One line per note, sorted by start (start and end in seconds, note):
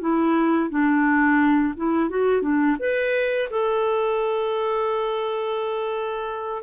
0.00 0.69 E4
0.69 1.74 D4
1.76 2.09 E4
2.09 2.42 F#4
2.42 2.77 D4
2.79 3.49 B4
3.50 6.62 A4